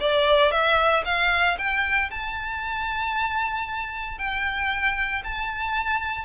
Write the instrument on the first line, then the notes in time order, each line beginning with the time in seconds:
violin
0.00 D5
0.51 E5
1.05 F5
1.58 G5
2.10 A5
4.18 G5
5.24 A5